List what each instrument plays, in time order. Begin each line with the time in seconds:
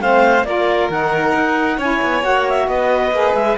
0.00 cello A3, saxophone C4, violin C5, clarinet F5
0.43 cello A#3, saxophone F4, violin A#4, clarinet D5
0.89 cello D#3, saxophone D#4, clarinet F#5
1.34 cello D#4
1.76 cello C#4, saxophone E4, violin C#5, clarinet G#5
2.01 cello B3
2.21 cello A#3, saxophone F#4, clarinet F#5
2.48 clarinet E5
2.67 cello B3, violin B4, clarinet D#5
3.11 cello A#3, saxophone G#4
3.34 cello G#3, clarinet E5